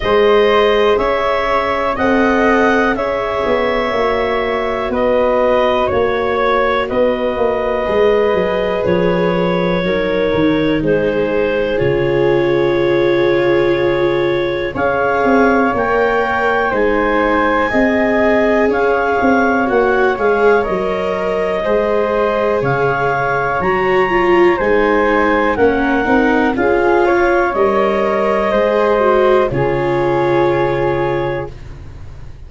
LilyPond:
<<
  \new Staff \with { instrumentName = "clarinet" } { \time 4/4 \tempo 4 = 61 dis''4 e''4 fis''4 e''4~ | e''4 dis''4 cis''4 dis''4~ | dis''4 cis''2 c''4 | cis''2. f''4 |
g''4 gis''2 f''4 | fis''8 f''8 dis''2 f''4 | ais''4 gis''4 fis''4 f''4 | dis''2 cis''2 | }
  \new Staff \with { instrumentName = "flute" } { \time 4/4 c''4 cis''4 dis''4 cis''4~ | cis''4 b'4 cis''4 b'4~ | b'2 ais'4 gis'4~ | gis'2. cis''4~ |
cis''4 c''4 dis''4 cis''4~ | cis''2 c''4 cis''4~ | cis''4 c''4 ais'4 gis'8 cis''8~ | cis''4 c''4 gis'2 | }
  \new Staff \with { instrumentName = "viola" } { \time 4/4 gis'2 a'4 gis'4 | fis'1 | gis'2 dis'2 | f'2. gis'4 |
ais'4 dis'4 gis'2 | fis'8 gis'8 ais'4 gis'2 | fis'8 f'8 dis'4 cis'8 dis'8 f'4 | ais'4 gis'8 fis'8 f'2 | }
  \new Staff \with { instrumentName = "tuba" } { \time 4/4 gis4 cis'4 c'4 cis'8 b8 | ais4 b4 ais4 b8 ais8 | gis8 fis8 f4 fis8 dis8 gis4 | cis2. cis'8 c'8 |
ais4 gis4 c'4 cis'8 c'8 | ais8 gis8 fis4 gis4 cis4 | fis4 gis4 ais8 c'8 cis'4 | g4 gis4 cis2 | }
>>